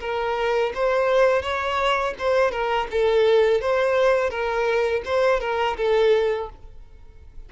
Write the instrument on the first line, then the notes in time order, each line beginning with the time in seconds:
violin
0.00 A#4
0.74 C5
1.42 C#5
2.18 C5
2.51 A#4
2.90 A4
3.60 C5
4.30 A#4
5.05 C5
5.40 A#4
5.77 A4